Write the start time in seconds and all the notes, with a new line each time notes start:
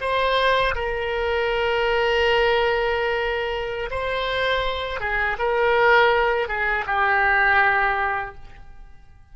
0.00 C5
0.74 A#4
3.90 C5
5.00 G#4
5.38 A#4
6.48 G#4
6.86 G4